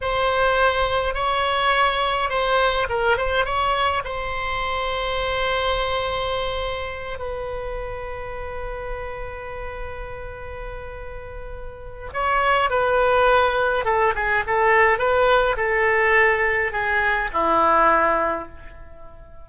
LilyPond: \new Staff \with { instrumentName = "oboe" } { \time 4/4 \tempo 4 = 104 c''2 cis''2 | c''4 ais'8 c''8 cis''4 c''4~ | c''1~ | c''8 b'2.~ b'8~ |
b'1~ | b'4 cis''4 b'2 | a'8 gis'8 a'4 b'4 a'4~ | a'4 gis'4 e'2 | }